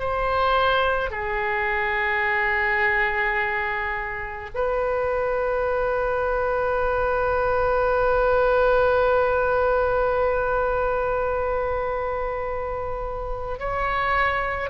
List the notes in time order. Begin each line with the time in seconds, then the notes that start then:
0.00 C5
1.11 G#4
4.55 B4
13.60 C#5